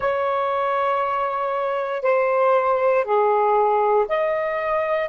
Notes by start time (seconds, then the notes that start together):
0.00 C#5
2.02 C5
3.04 G#4
4.08 D#5